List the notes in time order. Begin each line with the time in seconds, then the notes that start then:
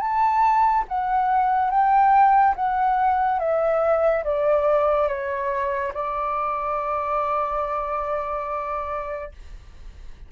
0.00 A5
0.88 F#5
1.70 G5
2.55 F#5
3.39 E5
4.24 D5
5.08 C#5
5.94 D5